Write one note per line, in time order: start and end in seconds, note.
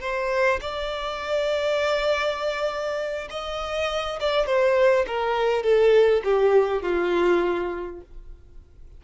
0.00 0.59 C5
0.60 3.28 D5
3.30 4.19 D#5
4.20 4.46 D5
4.46 5.05 C5
5.07 5.62 A#4
5.62 6.22 A4
6.24 6.82 G4
6.82 8.01 F4